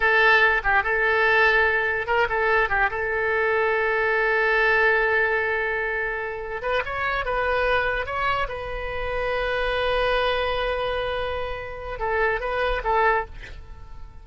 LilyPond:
\new Staff \with { instrumentName = "oboe" } { \time 4/4 \tempo 4 = 145 a'4. g'8 a'2~ | a'4 ais'8 a'4 g'8 a'4~ | a'1~ | a'1 |
b'8 cis''4 b'2 cis''8~ | cis''8 b'2.~ b'8~ | b'1~ | b'4 a'4 b'4 a'4 | }